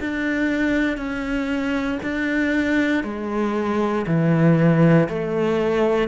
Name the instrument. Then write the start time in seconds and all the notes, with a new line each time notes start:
cello
0.00 D4
0.97 C#4
2.02 D4
3.04 G#3
4.07 E3
5.08 A3